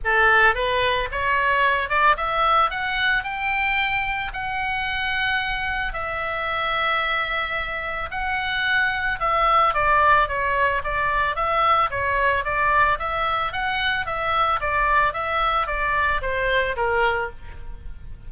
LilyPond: \new Staff \with { instrumentName = "oboe" } { \time 4/4 \tempo 4 = 111 a'4 b'4 cis''4. d''8 | e''4 fis''4 g''2 | fis''2. e''4~ | e''2. fis''4~ |
fis''4 e''4 d''4 cis''4 | d''4 e''4 cis''4 d''4 | e''4 fis''4 e''4 d''4 | e''4 d''4 c''4 ais'4 | }